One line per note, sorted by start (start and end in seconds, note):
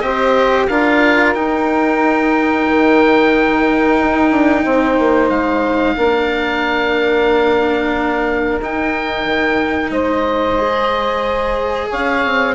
0.00 0.68 C4
0.00 0.68 G4
0.00 0.68 C5
0.00 0.66 D#5
0.67 1.35 D4
0.67 1.34 F4
0.67 4.63 A#4
0.67 1.33 F5
1.34 5.96 D#4
1.34 2.66 D#4
1.34 5.29 G5
2.68 3.99 D#3
4.00 4.31 D#4
4.31 4.64 D4
4.64 4.98 C4
4.64 5.95 C5
4.98 5.30 A#3
5.29 5.96 G#3
5.29 8.59 F5
5.96 8.59 A#3
5.96 8.60 D4
5.96 9.91 A#4
8.59 9.25 D#4
8.59 10.58 D#4
8.59 9.91 G5
9.25 9.90 D#3
9.90 11.88 G#3
9.90 11.89 C5
9.90 11.88 D#5
10.58 12.54 G#4
11.89 12.24 C#4
11.89 12.54 C#5
11.89 12.54 F5
12.24 12.54 C4